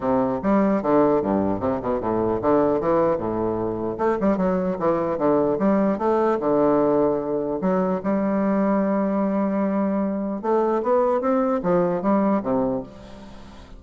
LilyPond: \new Staff \with { instrumentName = "bassoon" } { \time 4/4 \tempo 4 = 150 c4 g4 d4 g,4 | c8 b,8 a,4 d4 e4 | a,2 a8 g8 fis4 | e4 d4 g4 a4 |
d2. fis4 | g1~ | g2 a4 b4 | c'4 f4 g4 c4 | }